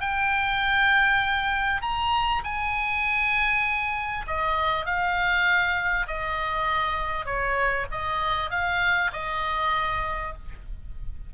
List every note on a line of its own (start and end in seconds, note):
0.00 1.81 G5
1.81 2.42 A#5
2.44 4.25 G#5
4.27 4.85 D#5
4.85 6.06 F5
6.07 7.25 D#5
7.25 7.86 C#5
7.91 8.50 D#5
8.50 9.11 F5
9.13 10.34 D#5